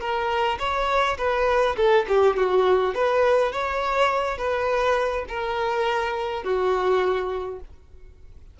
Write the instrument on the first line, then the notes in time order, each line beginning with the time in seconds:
violin
0.00 A#4
0.59 C#5
1.18 B4
1.77 A4
2.08 G4
2.37 F#4
2.95 B4
3.52 C#5
4.38 B4
5.29 A#4
6.43 F#4